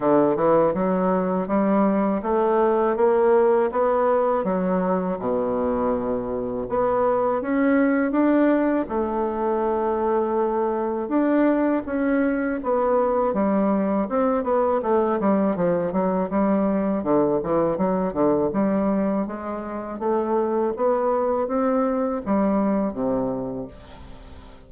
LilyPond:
\new Staff \with { instrumentName = "bassoon" } { \time 4/4 \tempo 4 = 81 d8 e8 fis4 g4 a4 | ais4 b4 fis4 b,4~ | b,4 b4 cis'4 d'4 | a2. d'4 |
cis'4 b4 g4 c'8 b8 | a8 g8 f8 fis8 g4 d8 e8 | fis8 d8 g4 gis4 a4 | b4 c'4 g4 c4 | }